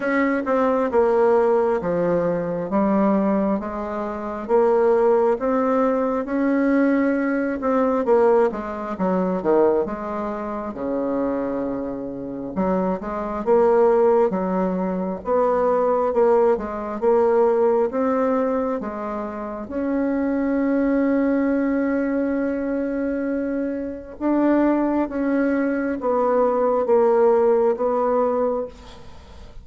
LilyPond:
\new Staff \with { instrumentName = "bassoon" } { \time 4/4 \tempo 4 = 67 cis'8 c'8 ais4 f4 g4 | gis4 ais4 c'4 cis'4~ | cis'8 c'8 ais8 gis8 fis8 dis8 gis4 | cis2 fis8 gis8 ais4 |
fis4 b4 ais8 gis8 ais4 | c'4 gis4 cis'2~ | cis'2. d'4 | cis'4 b4 ais4 b4 | }